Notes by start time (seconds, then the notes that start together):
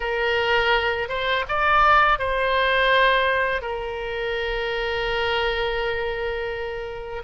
0.00 A#4
1.08 C5
1.48 D5
2.19 C5
3.61 A#4